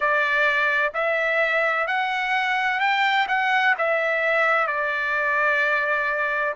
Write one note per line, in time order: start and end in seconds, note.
0.00 0.92 D5
0.94 1.87 E5
1.87 2.80 F#5
2.80 3.26 G5
3.28 3.75 F#5
3.78 4.67 E5
4.67 6.54 D5